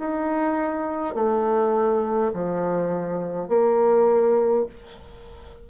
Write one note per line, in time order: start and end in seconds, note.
0.00 1.15 D#4
1.15 2.33 A3
2.34 3.49 F3
3.49 4.66 A#3